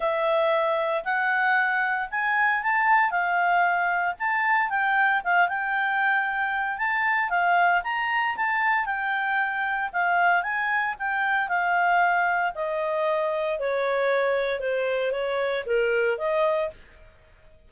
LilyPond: \new Staff \with { instrumentName = "clarinet" } { \time 4/4 \tempo 4 = 115 e''2 fis''2 | gis''4 a''4 f''2 | a''4 g''4 f''8 g''4.~ | g''4 a''4 f''4 ais''4 |
a''4 g''2 f''4 | gis''4 g''4 f''2 | dis''2 cis''2 | c''4 cis''4 ais'4 dis''4 | }